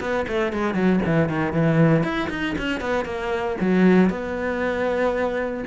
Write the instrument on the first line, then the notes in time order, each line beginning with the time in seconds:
cello
0.00 B3
0.28 A3
0.53 G#3
0.74 F#3
1.05 E3
1.29 D#3
1.52 E3
2.03 E4
2.30 D#4
2.58 C#4
2.81 B3
3.05 A#3
3.60 F#3
4.10 B3